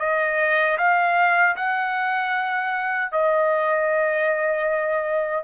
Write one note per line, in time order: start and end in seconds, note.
0.00 0.78 D#5
0.78 1.56 F5
1.57 3.12 F#5
3.12 5.44 D#5